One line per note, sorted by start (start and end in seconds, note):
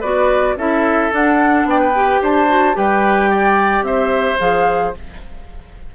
0.00 0.56 B3
0.00 0.57 F#4
0.00 0.55 B4
0.00 0.56 D5
0.56 1.10 C#4
0.56 1.11 E4
0.56 1.67 A4
0.56 1.12 E5
1.11 1.93 D4
1.11 1.64 D4
1.11 1.68 F#5
1.64 2.19 B3
1.64 1.80 D5
1.64 2.23 G5
1.80 2.20 B4
1.94 2.48 G4
2.22 2.76 D4
2.22 2.76 C5
2.22 2.77 A5
2.48 2.73 F#4
2.73 3.82 G3
2.73 4.37 G4
2.73 3.30 B4
2.73 3.84 G5
3.30 3.85 D5
3.82 4.36 C4
3.82 4.95 C5
3.82 4.39 E5
4.39 4.94 F3
4.39 4.94 G#4
4.39 4.94 F5